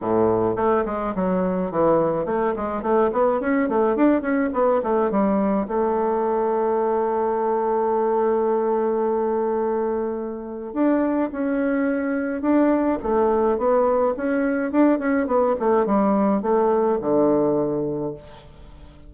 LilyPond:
\new Staff \with { instrumentName = "bassoon" } { \time 4/4 \tempo 4 = 106 a,4 a8 gis8 fis4 e4 | a8 gis8 a8 b8 cis'8 a8 d'8 cis'8 | b8 a8 g4 a2~ | a1~ |
a2. d'4 | cis'2 d'4 a4 | b4 cis'4 d'8 cis'8 b8 a8 | g4 a4 d2 | }